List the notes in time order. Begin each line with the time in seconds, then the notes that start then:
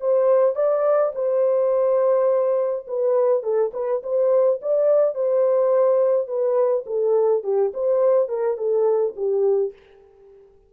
0.00 C5
0.56 D5
1.15 C5
2.87 B4
3.43 A4
3.74 B4
4.03 C5
4.62 D5
5.15 C5
6.27 B4
6.86 A4
7.43 G4
7.74 C5
8.29 A#4
8.57 A4
9.16 G4